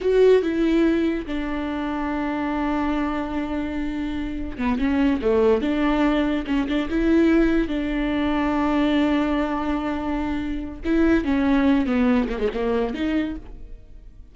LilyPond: \new Staff \with { instrumentName = "viola" } { \time 4/4 \tempo 4 = 144 fis'4 e'2 d'4~ | d'1~ | d'2. b8 cis'8~ | cis'8 a4 d'2 cis'8 |
d'8 e'2 d'4.~ | d'1~ | d'2 e'4 cis'4~ | cis'8 b4 ais16 gis16 ais4 dis'4 | }